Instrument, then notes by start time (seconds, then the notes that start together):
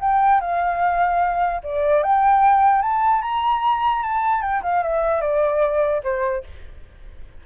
flute
0.00 G5
0.40 F5
1.63 D5
2.03 G5
2.82 A5
3.22 A#5
4.02 A5
4.41 G5
4.63 F5
4.83 E5
5.21 D5
6.03 C5